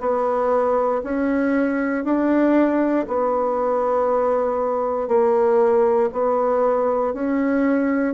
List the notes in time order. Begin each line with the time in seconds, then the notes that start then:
0.00 B3
1.04 C#4
2.05 D4
3.08 B3
5.08 A#3
6.12 B3
7.14 C#4